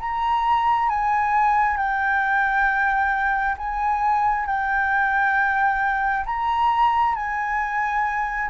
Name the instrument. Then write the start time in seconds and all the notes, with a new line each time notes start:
flute
0.00 A#5
0.90 G#5
1.77 G5
3.57 G#5
4.46 G5
6.26 A#5
7.16 G#5